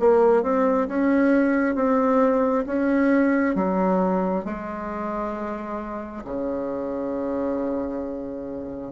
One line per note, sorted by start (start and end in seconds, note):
0.00 0.43 A#3
0.43 0.88 C4
0.89 1.76 C#4
1.76 2.65 C4
2.67 3.56 C#4
3.56 4.45 F#3
4.45 6.24 G#3
6.25 8.92 C#3